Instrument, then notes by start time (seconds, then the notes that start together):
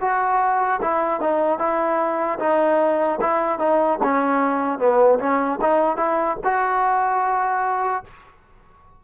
trombone
0.00 F#4
0.81 E4
1.20 D#4
1.59 E4
2.39 D#4
3.20 E4
3.59 D#4
4.03 C#4
4.78 B3
5.19 C#4
5.61 D#4
5.96 E4
6.44 F#4